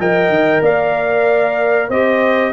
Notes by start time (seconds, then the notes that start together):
0.00 F3 A#4 D#5 G5
0.29 D#3
0.62 A#3 D5 F5
1.89 C4 G4 C5 D#5